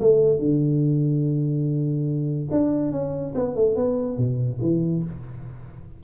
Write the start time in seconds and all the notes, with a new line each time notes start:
0.00 A3
0.39 D3
2.51 D4
2.92 C#4
3.35 B3
3.55 A3
3.76 B3
4.17 B2
4.61 E3